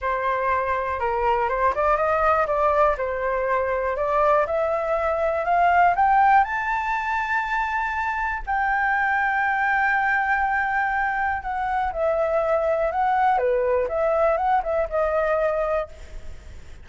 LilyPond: \new Staff \with { instrumentName = "flute" } { \time 4/4 \tempo 4 = 121 c''2 ais'4 c''8 d''8 | dis''4 d''4 c''2 | d''4 e''2 f''4 | g''4 a''2.~ |
a''4 g''2.~ | g''2. fis''4 | e''2 fis''4 b'4 | e''4 fis''8 e''8 dis''2 | }